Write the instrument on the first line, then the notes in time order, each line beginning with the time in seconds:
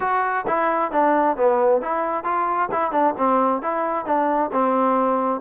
trombone
0.00 F#4
0.47 E4
0.91 D4
1.37 B3
1.81 E4
2.24 F4
2.71 E4
2.91 D4
3.17 C4
3.62 E4
4.05 D4
4.52 C4